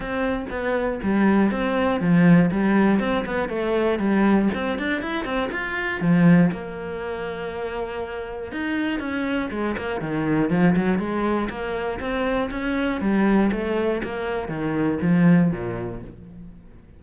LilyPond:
\new Staff \with { instrumentName = "cello" } { \time 4/4 \tempo 4 = 120 c'4 b4 g4 c'4 | f4 g4 c'8 b8 a4 | g4 c'8 d'8 e'8 c'8 f'4 | f4 ais2.~ |
ais4 dis'4 cis'4 gis8 ais8 | dis4 f8 fis8 gis4 ais4 | c'4 cis'4 g4 a4 | ais4 dis4 f4 ais,4 | }